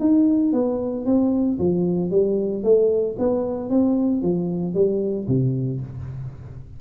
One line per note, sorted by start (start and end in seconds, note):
0.00 0.53 D#4
0.53 1.06 B3
1.06 1.58 C4
1.59 2.11 F3
2.11 2.63 G3
2.64 3.16 A3
3.19 3.70 B3
3.70 4.22 C4
4.22 4.74 F3
4.74 5.27 G3
5.28 5.81 C3